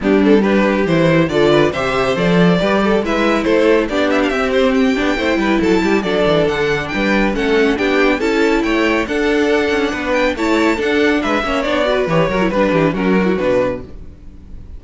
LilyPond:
<<
  \new Staff \with { instrumentName = "violin" } { \time 4/4 \tempo 4 = 139 g'8 a'8 b'4 c''4 d''4 | e''4 d''2 e''4 | c''4 d''8 e''16 f''16 e''8 c''8 g''4~ | g''4 a''4 d''4 fis''4 |
g''4 fis''4 g''4 a''4 | g''4 fis''2~ fis''8 g''8 | a''4 fis''4 e''4 d''4 | cis''4 b'4 ais'4 b'4 | }
  \new Staff \with { instrumentName = "violin" } { \time 4/4 d'4 g'2 a'8 b'8 | c''2 b'8 a'8 b'4 | a'4 g'2. | c''8 b'8 a'8 g'8 a'2 |
b'4 a'4 g'4 a'4 | cis''4 a'2 b'4 | cis''4 a'4 b'8 cis''4 b'8~ | b'8 ais'8 b'8 g'8 fis'2 | }
  \new Staff \with { instrumentName = "viola" } { \time 4/4 b8 c'8 d'4 e'4 f'4 | g'4 a'4 g'4 e'4~ | e'4 d'4 c'4. d'8 | e'2 d'2~ |
d'4 cis'4 d'4 e'4~ | e'4 d'2. | e'4 d'4. cis'8 d'8 fis'8 | g'8 fis'16 e'16 d'4 cis'8 d'16 e'16 d'4 | }
  \new Staff \with { instrumentName = "cello" } { \time 4/4 g2 e4 d4 | c4 f4 g4 gis4 | a4 b4 c'4. b8 | a8 g8 fis8 g8 fis8 e8 d4 |
g4 a4 b4 cis'4 | a4 d'4. cis'8 b4 | a4 d'4 gis8 ais8 b4 | e8 fis8 g8 e8 fis4 b,4 | }
>>